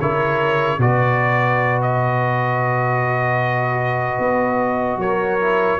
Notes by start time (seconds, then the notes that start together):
0.00 C#3 E4 A#4 C#5
0.78 B2 F#4 B4 D5
1.82 D#5
4.18 B3
4.96 F#3 A#4 C#5
5.40 E4